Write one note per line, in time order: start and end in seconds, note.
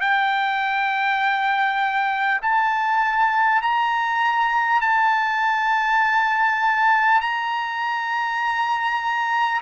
0.00 2.40 G5
2.41 3.61 A5
3.61 4.81 A#5
4.81 7.21 A5
7.21 9.61 A#5